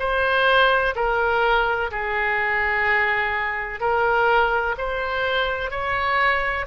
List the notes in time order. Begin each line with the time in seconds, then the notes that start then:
0.00 C5
0.96 A#4
1.91 G#4
3.81 A#4
4.78 C5
5.71 C#5